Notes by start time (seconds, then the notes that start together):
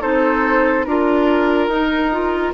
0.00 C4 D#4 A4 C5
0.84 D4 F4 A#4
1.68 D#4
2.11 F4